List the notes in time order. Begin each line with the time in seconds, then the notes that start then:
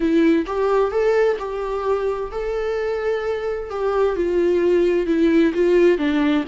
0.00 E4
0.46 G4
0.91 A4
1.38 G4
2.31 A4
3.70 G4
4.16 F4
5.06 E4
5.54 F4
5.98 D4